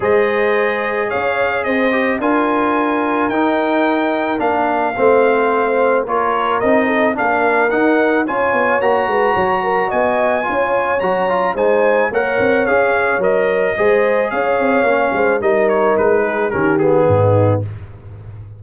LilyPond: <<
  \new Staff \with { instrumentName = "trumpet" } { \time 4/4 \tempo 4 = 109 dis''2 f''4 dis''4 | gis''2 g''2 | f''2. cis''4 | dis''4 f''4 fis''4 gis''4 |
ais''2 gis''2 | ais''4 gis''4 fis''4 f''4 | dis''2 f''2 | dis''8 cis''8 b'4 ais'8 gis'4. | }
  \new Staff \with { instrumentName = "horn" } { \time 4/4 c''2 cis''4 c''4 | ais'1~ | ais'4 c''2 ais'4~ | ais'8 a'8 ais'2 cis''4~ |
cis''8 b'8 cis''8 ais'8 dis''4 cis''4~ | cis''4 c''4 cis''2~ | cis''4 c''4 cis''4. c''8 | ais'4. gis'8 g'4 dis'4 | }
  \new Staff \with { instrumentName = "trombone" } { \time 4/4 gis'2.~ gis'8 g'8 | f'2 dis'2 | d'4 c'2 f'4 | dis'4 d'4 dis'4 f'4 |
fis'2. f'4 | fis'8 f'8 dis'4 ais'4 gis'4 | ais'4 gis'2 cis'4 | dis'2 cis'8 b4. | }
  \new Staff \with { instrumentName = "tuba" } { \time 4/4 gis2 cis'4 c'4 | d'2 dis'2 | ais4 a2 ais4 | c'4 ais4 dis'4 cis'8 b8 |
ais8 gis8 fis4 b4 cis'4 | fis4 gis4 ais8 c'8 cis'4 | fis4 gis4 cis'8 c'8 ais8 gis8 | g4 gis4 dis4 gis,4 | }
>>